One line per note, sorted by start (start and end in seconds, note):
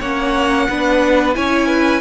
0.00 0.68 A#3
0.00 0.70 C#4
0.00 0.67 C#5
0.00 1.35 F#5
0.69 1.36 B3
0.69 1.35 D4
0.69 1.36 B4
1.35 2.01 C#4
1.35 2.01 E4
1.35 1.67 C#5
1.35 2.01 G#5
1.67 2.01 B4